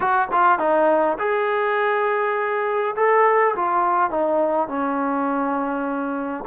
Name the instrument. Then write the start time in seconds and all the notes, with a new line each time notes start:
trombone
0.00 F#4
0.31 F4
0.59 D#4
1.18 G#4
2.96 A4
3.55 F4
4.10 D#4
4.68 C#4